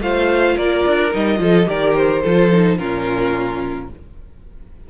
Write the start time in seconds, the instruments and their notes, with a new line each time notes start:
0.00 cello A3, viola F4, violin C5 F5
0.56 cello A#3, violin A#4 D5
0.86 cello D4
1.11 cello G3, viola D#4, violin D#5
1.37 cello F3, viola F4, violin A4
1.65 cello D#3, viola G4, violin A#4 D5
1.95 violin C5
2.22 cello F3, viola F4, violin A4
2.52 viola D#4
2.77 cello A#2, viola C#4, violin F4 A#4